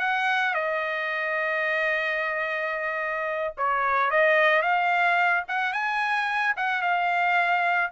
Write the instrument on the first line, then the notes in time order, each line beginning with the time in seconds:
trumpet
0.00 F#5
0.55 D#5
3.58 C#5
4.11 D#5
4.62 F5
5.48 F#5
5.73 G#5
6.57 F#5
6.82 F5